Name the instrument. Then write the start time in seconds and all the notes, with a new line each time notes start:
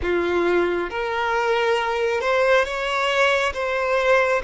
violin
0.02 F4
0.89 A#4
2.20 C5
2.64 C#5
3.53 C5